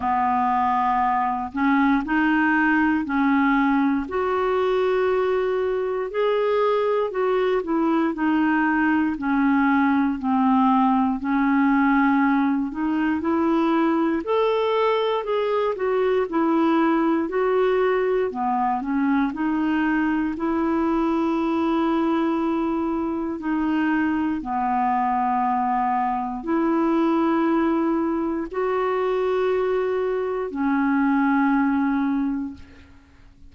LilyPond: \new Staff \with { instrumentName = "clarinet" } { \time 4/4 \tempo 4 = 59 b4. cis'8 dis'4 cis'4 | fis'2 gis'4 fis'8 e'8 | dis'4 cis'4 c'4 cis'4~ | cis'8 dis'8 e'4 a'4 gis'8 fis'8 |
e'4 fis'4 b8 cis'8 dis'4 | e'2. dis'4 | b2 e'2 | fis'2 cis'2 | }